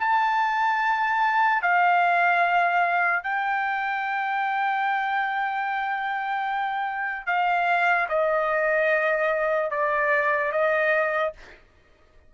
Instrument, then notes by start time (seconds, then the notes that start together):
trumpet
0.00 A5
1.62 F5
3.24 G5
7.27 F5
8.09 D#5
9.71 D5
10.52 D#5